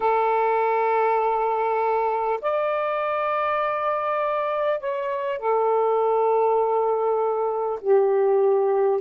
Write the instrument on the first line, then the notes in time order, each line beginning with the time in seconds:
saxophone
0.00 A4
2.41 D5
4.80 C#5
5.38 A4
7.80 G4